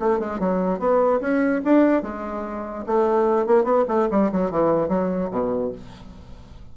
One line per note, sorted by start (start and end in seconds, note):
0.00 0.19 A3
0.19 0.40 G#3
0.40 0.79 F#3
0.79 1.20 B3
1.21 1.62 C#4
1.65 2.03 D4
2.03 2.85 G#3
2.86 3.47 A3
3.47 3.64 A#3
3.64 3.85 B3
3.88 4.09 A3
4.11 4.31 G3
4.32 4.51 F#3
4.51 4.89 E3
4.89 5.30 F#3
5.31 5.72 B2